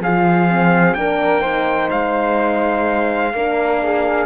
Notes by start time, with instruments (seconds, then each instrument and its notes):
0.00 cello F3, horn F4, flute G#4, trumpet F5
0.49 horn C4
0.94 cello A#3, horn D4, flute A#4, trumpet G5
1.41 horn D#4, flute C5
1.91 cello G#3, trumpet F5
3.34 cello A#3, horn D4, flute A#4
3.82 flute G#4